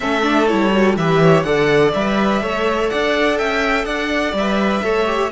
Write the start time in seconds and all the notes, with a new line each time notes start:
0.00 A3 C#4 A4 E5
0.22 D4
0.47 G3 E4 C#5
0.72 F#4
0.96 E3 G4 B4 E5
1.23 C#5
1.42 D3 A4 D5 F#5
1.93 G3 B4 E5
2.41 A3 A4 C#5
2.89 D4 D5 F#5
3.37 C#4 E5 G5
3.84 D4 D5 F#5
4.32 G3 E5
4.39 B4
4.82 A3 A4 C#5
5.05 G4